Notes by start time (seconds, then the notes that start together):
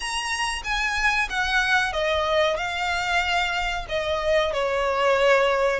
0.00 A#5
0.63 G#5
1.29 F#5
1.92 D#5
2.57 F5
3.88 D#5
4.53 C#5